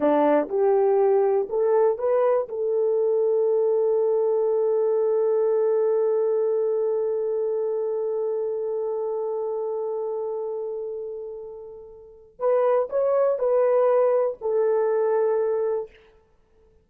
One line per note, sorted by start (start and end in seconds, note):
0.00 0.48 D4
0.48 1.47 G4
1.49 1.98 A4
1.98 2.48 B4
2.48 12.39 A4
12.39 12.88 B4
12.89 13.38 C#5
13.38 14.37 B4
14.41 15.89 A4